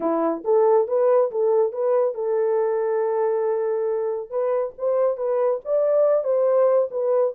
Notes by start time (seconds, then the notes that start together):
0.00 E4
0.44 A4
0.87 B4
1.31 A4
1.72 B4
2.14 A4
4.29 B4
4.77 C5
5.17 B4
5.64 D5
6.24 C5
6.90 B4